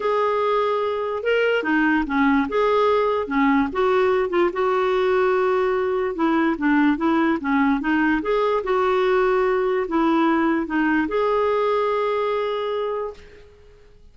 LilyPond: \new Staff \with { instrumentName = "clarinet" } { \time 4/4 \tempo 4 = 146 gis'2. ais'4 | dis'4 cis'4 gis'2 | cis'4 fis'4. f'8 fis'4~ | fis'2. e'4 |
d'4 e'4 cis'4 dis'4 | gis'4 fis'2. | e'2 dis'4 gis'4~ | gis'1 | }